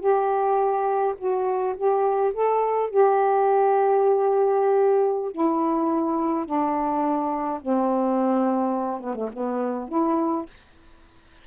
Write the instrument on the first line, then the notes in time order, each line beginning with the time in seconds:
saxophone
0.00 G4
1.18 F#4
1.76 G4
2.34 A4
2.90 G4
5.31 E4
6.45 D4
7.62 C4
9.01 B3
9.15 A3
9.33 B3
9.89 E4